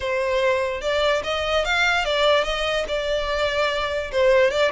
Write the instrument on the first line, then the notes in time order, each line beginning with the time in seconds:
violin
0.00 C5
0.81 D5
1.23 D#5
1.64 F5
2.04 D5
2.44 D#5
2.88 D5
4.11 C5
4.51 D5